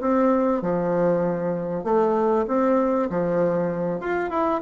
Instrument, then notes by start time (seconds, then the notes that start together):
bassoon
0.00 C4
0.62 F3
1.84 A3
2.47 C4
3.10 F3
4.00 F4
4.30 E4